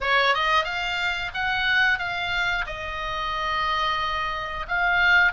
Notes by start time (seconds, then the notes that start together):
0.01 C#5
0.34 D#5
0.64 F5
1.34 F#5
1.98 F5
2.66 D#5
4.68 F5